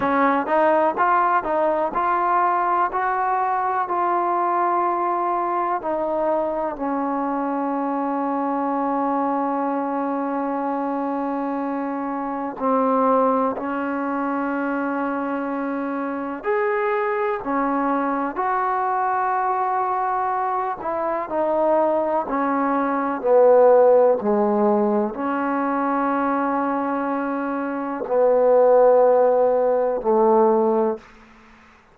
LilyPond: \new Staff \with { instrumentName = "trombone" } { \time 4/4 \tempo 4 = 62 cis'8 dis'8 f'8 dis'8 f'4 fis'4 | f'2 dis'4 cis'4~ | cis'1~ | cis'4 c'4 cis'2~ |
cis'4 gis'4 cis'4 fis'4~ | fis'4. e'8 dis'4 cis'4 | b4 gis4 cis'2~ | cis'4 b2 a4 | }